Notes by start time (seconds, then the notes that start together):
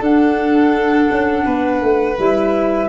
0.00 D4 A4 F#5
1.11 C#4
1.46 B3 B4
1.82 A3
2.18 G3 E4 E5